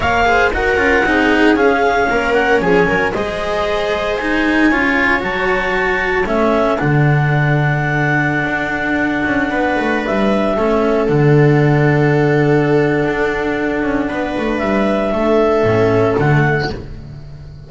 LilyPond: <<
  \new Staff \with { instrumentName = "clarinet" } { \time 4/4 \tempo 4 = 115 f''4 fis''2 f''4~ | f''8 fis''8 gis''4 dis''2 | gis''2 a''2 | e''4 fis''2.~ |
fis''2.~ fis''16 e''8.~ | e''4~ e''16 fis''2~ fis''8.~ | fis''1 | e''2. fis''4 | }
  \new Staff \with { instrumentName = "viola" } { \time 4/4 cis''8 c''8 ais'4 gis'2 | ais'4 gis'8 ais'8 c''2~ | c''4 cis''2. | a'1~ |
a'2~ a'16 b'4.~ b'16~ | b'16 a'2.~ a'8.~ | a'2. b'4~ | b'4 a'2. | }
  \new Staff \with { instrumentName = "cello" } { \time 4/4 ais'8 gis'8 fis'8 f'8 dis'4 cis'4~ | cis'2 gis'2 | dis'4 f'4 fis'2 | cis'4 d'2.~ |
d'1~ | d'16 cis'4 d'2~ d'8.~ | d'1~ | d'2 cis'4 a4 | }
  \new Staff \with { instrumentName = "double bass" } { \time 4/4 ais4 dis'8 cis'8 c'4 cis'4 | ais4 f8 fis8 gis2~ | gis4 cis'4 fis2 | a4 d2.~ |
d16 d'4. cis'8 b8 a8 g8.~ | g16 a4 d2~ d8.~ | d4 d'4. cis'8 b8 a8 | g4 a4 a,4 d4 | }
>>